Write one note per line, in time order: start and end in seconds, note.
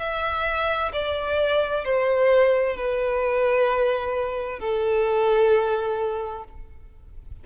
0.00 0.92 E5
0.93 1.85 D5
1.85 2.77 C5
2.77 4.60 B4
4.60 6.44 A4